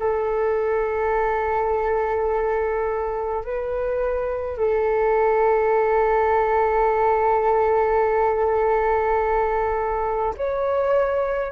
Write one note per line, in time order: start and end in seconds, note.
0.00 3.45 A4
3.45 4.58 B4
4.58 10.35 A4
10.37 11.52 C#5